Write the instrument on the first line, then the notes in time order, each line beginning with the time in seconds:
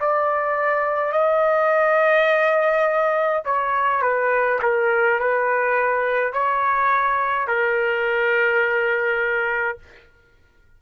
trumpet
0.00 D5
1.12 D#5
3.45 C#5
4.02 B4
4.62 A#4
5.20 B4
6.33 C#5
7.47 A#4